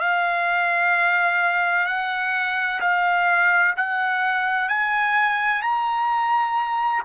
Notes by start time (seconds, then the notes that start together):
0.00 F5
1.86 F#5
2.80 F5
3.76 F#5
4.68 G#5
5.62 A#5